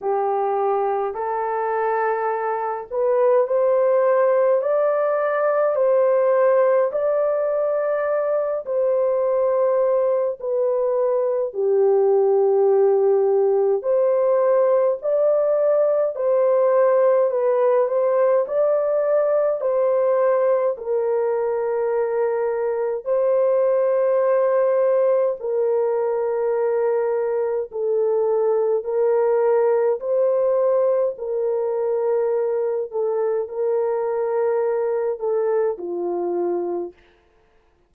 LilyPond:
\new Staff \with { instrumentName = "horn" } { \time 4/4 \tempo 4 = 52 g'4 a'4. b'8 c''4 | d''4 c''4 d''4. c''8~ | c''4 b'4 g'2 | c''4 d''4 c''4 b'8 c''8 |
d''4 c''4 ais'2 | c''2 ais'2 | a'4 ais'4 c''4 ais'4~ | ais'8 a'8 ais'4. a'8 f'4 | }